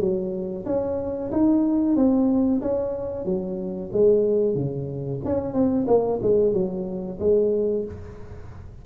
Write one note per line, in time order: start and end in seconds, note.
0.00 0.65 F#3
0.66 1.31 C#4
1.32 1.96 D#4
1.96 2.61 C4
2.61 3.25 C#4
3.25 3.90 F#3
3.92 4.55 G#3
4.55 5.20 C#3
5.24 5.53 C#4
5.53 5.86 C4
5.87 6.20 A#3
6.22 6.53 G#3
6.53 7.18 F#3
7.19 7.85 G#3